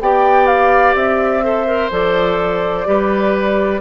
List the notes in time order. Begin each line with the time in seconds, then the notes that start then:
0.00 B3 G4 D5 G5
0.46 F5
0.94 C4 E5
1.42 A4 C5
1.66 A#4
1.91 F3 A4 D5
2.85 G3 G4 B4